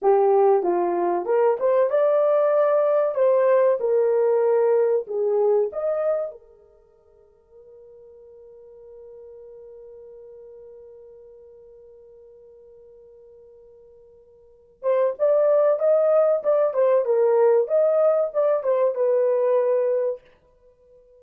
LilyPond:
\new Staff \with { instrumentName = "horn" } { \time 4/4 \tempo 4 = 95 g'4 f'4 ais'8 c''8 d''4~ | d''4 c''4 ais'2 | gis'4 dis''4 ais'2~ | ais'1~ |
ais'1~ | ais'2.~ ais'8 c''8 | d''4 dis''4 d''8 c''8 ais'4 | dis''4 d''8 c''8 b'2 | }